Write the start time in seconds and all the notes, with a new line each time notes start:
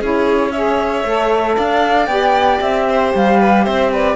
0.00 C#4 E4 G#4 C#5
0.52 G#4 C#5 E5
1.04 A3 A4
1.56 D4 D5 F5
2.06 B3 G4 G5
2.61 C4 E5
2.90 C5
3.15 G3 F5
3.40 B4
3.64 C4 C5 E5
3.93 B4 D5